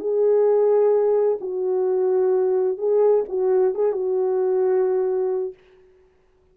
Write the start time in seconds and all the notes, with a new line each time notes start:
0.00 G#4
1.41 F#4
2.78 G#4
3.29 F#4
3.75 G#4
3.93 F#4